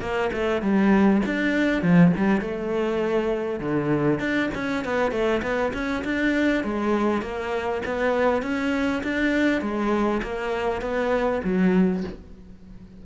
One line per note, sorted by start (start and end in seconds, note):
0.00 0.30 A#3
0.32 0.61 A3
0.61 1.21 G3
1.25 1.82 D4
1.82 2.12 F3
2.16 2.41 G3
2.41 3.59 A3
3.59 4.19 D3
4.19 4.49 D4
4.54 4.84 C#4
4.84 5.11 B3
5.11 5.41 A3
5.42 5.72 B3
5.73 6.03 C#4
6.04 6.63 D4
6.63 7.21 G#3
7.21 7.81 A#3
7.85 8.42 B3
8.42 9.02 C#4
9.03 9.61 D4
9.61 10.21 G#3
10.22 10.81 A#3
10.81 11.41 B3
11.44 12.04 F#3